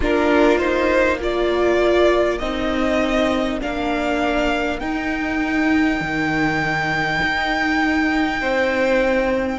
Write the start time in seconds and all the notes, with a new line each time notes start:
0.00 A#3 D4 F4 A#4
0.58 D#4 C5
1.19 F4 A#4 D5
2.38 C4 D#4 D#5
3.60 A#3 D4 F5
4.79 D#4 G5
6.00 D#3
7.22 D#4
8.40 C4 C5